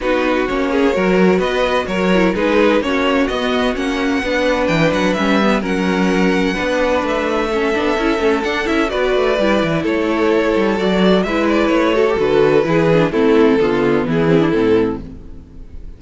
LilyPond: <<
  \new Staff \with { instrumentName = "violin" } { \time 4/4 \tempo 4 = 128 b'4 cis''2 dis''4 | cis''4 b'4 cis''4 dis''4 | fis''2 g''8 fis''8 e''4 | fis''2. e''4~ |
e''2 fis''8 e''8 d''4~ | d''4 cis''2 d''4 | e''8 d''8 cis''4 b'2 | a'2 gis'4 a'4 | }
  \new Staff \with { instrumentName = "violin" } { \time 4/4 fis'4. gis'8 ais'4 b'4 | ais'4 gis'4 fis'2~ | fis'4 b'2. | ais'2 b'2 |
a'2. b'4~ | b'4 a'2. | b'4. a'4. gis'4 | e'4 f'4 e'2 | }
  \new Staff \with { instrumentName = "viola" } { \time 4/4 dis'4 cis'4 fis'2~ | fis'8 e'8 dis'4 cis'4 b4 | cis'4 d'2 cis'8 b8 | cis'2 d'2 |
cis'8 d'8 e'8 cis'8 d'8 e'8 fis'4 | e'2. fis'4 | e'4. fis'16 g'16 fis'4 e'8 d'8 | c'4 b4. c'16 d'16 c'4 | }
  \new Staff \with { instrumentName = "cello" } { \time 4/4 b4 ais4 fis4 b4 | fis4 gis4 ais4 b4 | ais4 b4 e8 fis8 g4 | fis2 b4 a4~ |
a8 b8 cis'8 a8 d'8 cis'8 b8 a8 | g8 e8 a4. g8 fis4 | gis4 a4 d4 e4 | a4 d4 e4 a,4 | }
>>